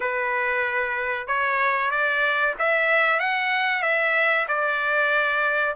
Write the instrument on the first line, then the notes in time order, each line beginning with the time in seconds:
trumpet
0.00 B4
1.27 C#5
1.90 D5
2.59 E5
3.19 F#5
3.82 E5
4.48 D5